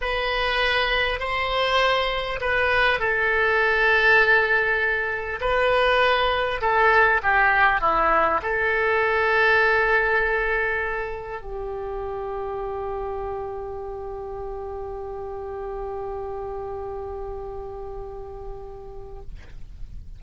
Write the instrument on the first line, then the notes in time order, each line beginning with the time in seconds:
oboe
0.01 B4
1.19 C5
2.41 B4
2.99 A4
5.41 B4
6.61 A4
7.22 G4
7.81 E4
8.42 A4
11.41 G4